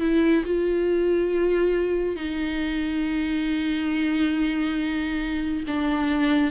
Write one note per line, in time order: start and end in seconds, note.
0.00 0.43 E4
0.45 2.16 F4
2.16 5.64 D#4
5.67 6.51 D4